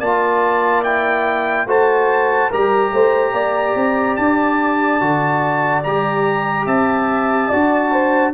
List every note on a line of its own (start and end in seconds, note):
0.00 1.67 A#3
0.00 0.86 F4
0.00 1.67 D5
0.00 0.84 A5
0.84 1.68 E4
0.84 1.67 G5
1.67 2.50 A3
1.67 2.51 F#4
1.67 2.50 C5
1.67 2.53 A5
2.50 2.93 G3
2.50 5.01 G4
2.50 2.92 A#4
2.50 4.16 A#5
2.93 3.34 A3
2.93 3.34 C5
3.34 3.75 A#3
3.34 6.67 D5
3.76 4.18 C4
4.16 5.01 D4
4.16 5.83 A5
5.01 5.85 D3
5.01 5.84 F#4
5.84 6.67 G3
5.84 7.52 G4
5.84 6.67 A#5
6.67 7.50 C4
6.67 7.49 E5
6.67 8.34 A5
7.49 8.34 D4
7.49 8.34 F#4
7.49 7.91 D5
7.92 8.34 C5